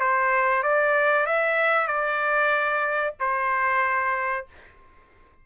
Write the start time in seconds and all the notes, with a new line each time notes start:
0.00 C5
0.63 D5
1.26 E5
1.87 D5
3.20 C5